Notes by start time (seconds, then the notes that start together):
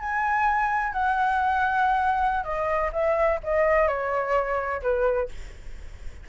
0.00 G#5
0.93 F#5
2.44 D#5
2.93 E5
3.43 D#5
3.88 C#5
4.82 B4